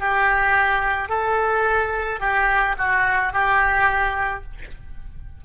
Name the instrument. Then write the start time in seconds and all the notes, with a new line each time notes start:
oboe
0.00 G4
1.09 A4
2.21 G4
2.78 F#4
3.33 G4